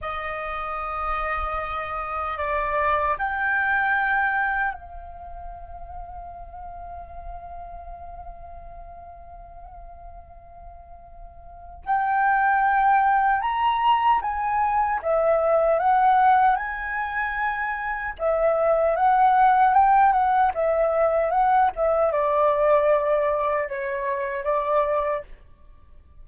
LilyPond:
\new Staff \with { instrumentName = "flute" } { \time 4/4 \tempo 4 = 76 dis''2. d''4 | g''2 f''2~ | f''1~ | f''2. g''4~ |
g''4 ais''4 gis''4 e''4 | fis''4 gis''2 e''4 | fis''4 g''8 fis''8 e''4 fis''8 e''8 | d''2 cis''4 d''4 | }